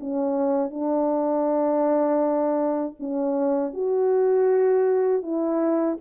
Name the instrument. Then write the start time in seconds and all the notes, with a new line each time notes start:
horn
0.00 C#4
0.70 D4
2.99 C#4
3.74 F#4
5.22 E4